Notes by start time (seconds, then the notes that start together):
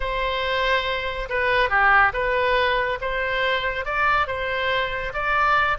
0.00 C5
1.29 B4
1.69 G4
2.13 B4
3.01 C5
3.85 D5
4.27 C5
5.13 D5